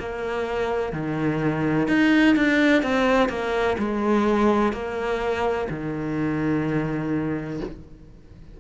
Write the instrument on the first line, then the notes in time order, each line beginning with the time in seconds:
cello
0.00 A#3
0.93 D#3
1.88 D#4
2.36 D4
2.83 C4
3.29 A#3
3.78 G#3
4.73 A#3
5.70 D#3